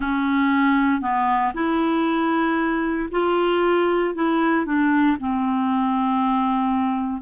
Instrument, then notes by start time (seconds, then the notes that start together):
clarinet
0.00 C#4
1.01 B3
1.53 E4
3.11 F4
4.14 E4
4.65 D4
5.20 C4